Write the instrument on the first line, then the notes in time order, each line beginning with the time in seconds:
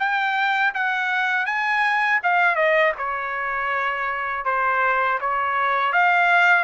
trumpet
0.00 G5
0.74 F#5
1.46 G#5
2.23 F5
2.56 D#5
2.98 C#5
4.45 C5
5.21 C#5
5.93 F5